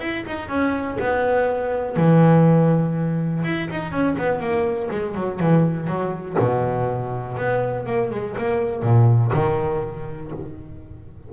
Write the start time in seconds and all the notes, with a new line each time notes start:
0.00 E4
0.27 D#4
0.49 C#4
1.00 B3
1.96 E3
3.44 E4
3.71 D#4
3.92 C#4
4.18 B3
4.40 A#3
4.91 G#3
5.15 F#3
5.40 E3
5.87 F#3
6.39 B2
7.37 B3
7.86 A#3
8.11 G#3
8.38 A#3
8.83 A#2
9.34 D#3